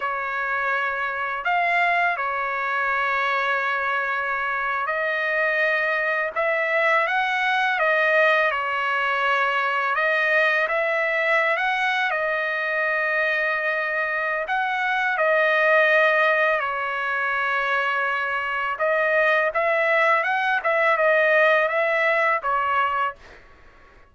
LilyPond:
\new Staff \with { instrumentName = "trumpet" } { \time 4/4 \tempo 4 = 83 cis''2 f''4 cis''4~ | cis''2~ cis''8. dis''4~ dis''16~ | dis''8. e''4 fis''4 dis''4 cis''16~ | cis''4.~ cis''16 dis''4 e''4~ e''16 |
fis''8. dis''2.~ dis''16 | fis''4 dis''2 cis''4~ | cis''2 dis''4 e''4 | fis''8 e''8 dis''4 e''4 cis''4 | }